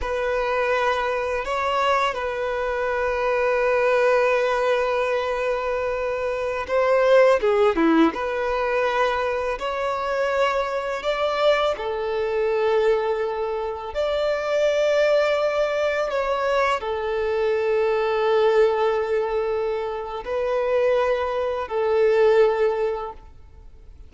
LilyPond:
\new Staff \with { instrumentName = "violin" } { \time 4/4 \tempo 4 = 83 b'2 cis''4 b'4~ | b'1~ | b'4~ b'16 c''4 gis'8 e'8 b'8.~ | b'4~ b'16 cis''2 d''8.~ |
d''16 a'2. d''8.~ | d''2~ d''16 cis''4 a'8.~ | a'1 | b'2 a'2 | }